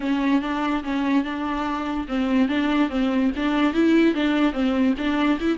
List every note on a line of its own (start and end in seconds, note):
0.00 0.41 C#4
0.41 0.83 D4
0.83 1.24 C#4
1.24 2.06 D4
2.08 2.48 C4
2.48 2.89 D4
2.89 3.31 C4
3.35 3.73 D4
3.73 4.14 E4
4.14 4.52 D4
4.52 4.94 C4
4.97 5.38 D4
5.40 5.58 E4